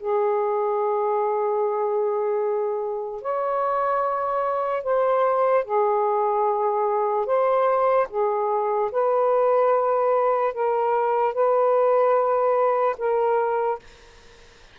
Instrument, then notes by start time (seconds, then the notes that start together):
saxophone
0.00 G#4
3.22 C#5
4.84 C5
5.65 G#4
7.26 C5
8.10 G#4
8.92 B4
10.54 A#4
11.34 B4
12.98 A#4